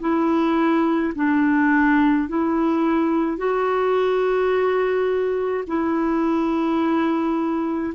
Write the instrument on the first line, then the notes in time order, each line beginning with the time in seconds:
clarinet
0.00 E4
1.15 D4
2.28 E4
3.37 F#4
5.67 E4